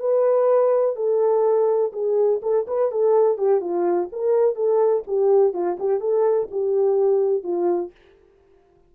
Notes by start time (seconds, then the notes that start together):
0.00 B4
0.96 A4
1.93 G#4
2.42 A4
2.67 B4
2.92 A4
3.38 G4
3.61 F4
4.12 A#4
4.56 A4
5.07 G4
5.54 F4
5.79 G4
6.00 A4
6.51 G4
7.44 F4